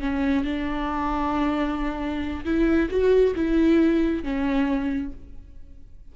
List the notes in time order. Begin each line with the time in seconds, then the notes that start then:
0.00 C#4
0.45 D4
2.45 E4
2.90 F#4
3.36 E4
4.23 C#4